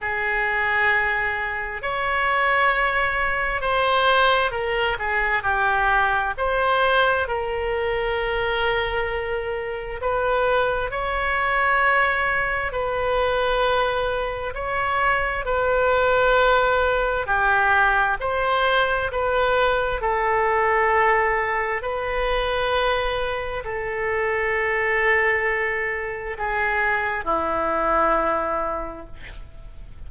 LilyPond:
\new Staff \with { instrumentName = "oboe" } { \time 4/4 \tempo 4 = 66 gis'2 cis''2 | c''4 ais'8 gis'8 g'4 c''4 | ais'2. b'4 | cis''2 b'2 |
cis''4 b'2 g'4 | c''4 b'4 a'2 | b'2 a'2~ | a'4 gis'4 e'2 | }